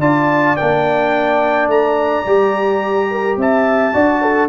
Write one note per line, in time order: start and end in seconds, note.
0.00 0.56 D4
0.00 0.57 F4
0.00 3.09 D5
0.00 0.57 A5
0.57 1.68 A#3
0.57 2.26 D4
0.57 1.69 G5
1.68 2.24 A3
1.68 3.39 A#5
2.26 3.37 G3
2.26 3.94 G4
3.11 3.39 A#4
3.37 3.93 C4
3.37 3.96 E5
3.37 4.49 A5
3.94 4.49 D4
3.94 4.49 F#4
3.94 4.22 D5
4.22 4.49 A4